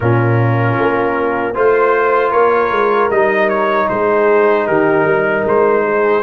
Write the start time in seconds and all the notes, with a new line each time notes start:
0.00 A#2 C#4 F4 A#4
0.78 A#3
1.53 A3 F4 C5
2.31 A#3 A#4 C#5
2.71 G#3
3.10 G3 D#4 D#5
3.49 C#5
3.88 G#3 G#4 C5
4.66 D#3 G4 A#4
5.04 G3 A#4
5.44 G#3 C5
5.86 G#4